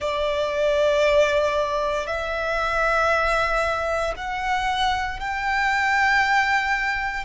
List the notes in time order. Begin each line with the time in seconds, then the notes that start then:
0.00 D5
2.06 E5
4.16 F#5
5.19 G5